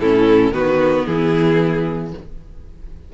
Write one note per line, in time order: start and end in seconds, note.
0.00 0.51 A2
0.00 0.53 C#4
0.00 0.53 E4
0.00 0.53 A4
0.51 1.04 D#3
0.51 2.12 B3
0.51 1.06 F#4
0.51 1.06 B4
1.06 2.13 E3
1.06 2.13 E4
1.06 2.12 G#4